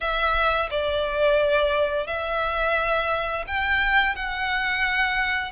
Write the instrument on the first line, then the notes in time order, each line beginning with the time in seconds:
violin
0.00 E5
0.70 D5
2.07 E5
3.47 G5
4.15 F#5